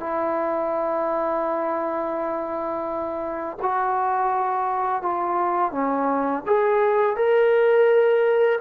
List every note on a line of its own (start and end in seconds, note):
0.00 3.57 E4
3.62 5.03 F#4
5.03 5.72 F4
5.72 6.43 C#4
6.46 7.16 G#4
7.16 8.59 A#4